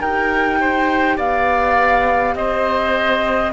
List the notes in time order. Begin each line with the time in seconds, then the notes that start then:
0.00 D#4 G4 A#4 G5
0.61 C5
1.17 B3 D5 F5
2.35 C4 C5 D#5